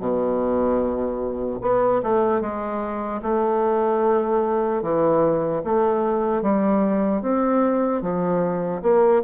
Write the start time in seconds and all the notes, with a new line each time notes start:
0.00 B2
1.62 B3
2.03 A3
2.41 G#3
3.23 A3
4.83 E3
5.65 A3
6.43 G3
7.22 C4
8.02 F3
8.83 A#3